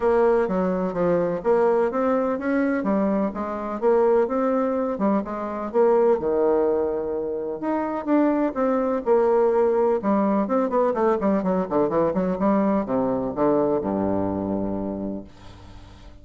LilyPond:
\new Staff \with { instrumentName = "bassoon" } { \time 4/4 \tempo 4 = 126 ais4 fis4 f4 ais4 | c'4 cis'4 g4 gis4 | ais4 c'4. g8 gis4 | ais4 dis2. |
dis'4 d'4 c'4 ais4~ | ais4 g4 c'8 b8 a8 g8 | fis8 d8 e8 fis8 g4 c4 | d4 g,2. | }